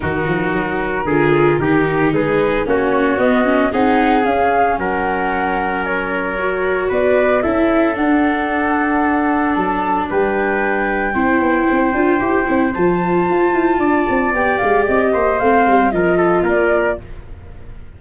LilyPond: <<
  \new Staff \with { instrumentName = "flute" } { \time 4/4 \tempo 4 = 113 ais'1 | b'4 cis''4 dis''4 fis''4 | f''4 fis''2 cis''4~ | cis''4 d''4 e''4 fis''4~ |
fis''2 a''4 g''4~ | g''1 | a''2. g''8 f''8 | dis''4 f''4 dis''4 d''4 | }
  \new Staff \with { instrumentName = "trumpet" } { \time 4/4 fis'2 gis'4 g'4 | gis'4 fis'2 gis'4~ | gis'4 ais'2.~ | ais'4 b'4 a'2~ |
a'2. b'4~ | b'4 c''2.~ | c''2 d''2~ | d''8 c''4. ais'8 a'8 ais'4 | }
  \new Staff \with { instrumentName = "viola" } { \time 4/4 dis'2 f'4 dis'4~ | dis'4 cis'4 b8 cis'8 dis'4 | cis'1 | fis'2 e'4 d'4~ |
d'1~ | d'4 e'4. f'8 g'8 e'8 | f'2. g'4~ | g'4 c'4 f'2 | }
  \new Staff \with { instrumentName = "tuba" } { \time 4/4 dis8 f8 fis4 d4 dis4 | gis4 ais4 b4 c'4 | cis'4 fis2.~ | fis4 b4 cis'4 d'4~ |
d'2 fis4 g4~ | g4 c'8 b8 c'8 d'8 e'8 c'8 | f4 f'8 e'8 d'8 c'8 b8 gis8 | c'8 ais8 a8 g8 f4 ais4 | }
>>